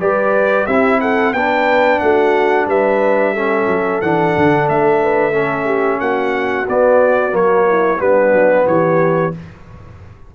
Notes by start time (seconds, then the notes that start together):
0.00 G3 G4 B4 D5
0.66 C4 E4 G4 E5
1.00 A4 F#5
1.33 B3 D4 B4 G5
1.99 A3 F#4 F#5
2.66 G3 B4 E5
3.33 C#4 A4
3.67 F#3
4.01 E3 D4 F#5
4.37 D3
4.69 A3 E5
5.02 B4
5.32 C#4 A4
5.65 G4
6.00 A#3 F#4 F#5
6.68 B3 D5
7.31 F#3 A#3 C#5
7.68 E4
7.99 G3 B3 D4 B4
8.32 F#3
8.67 E3 G4 C#5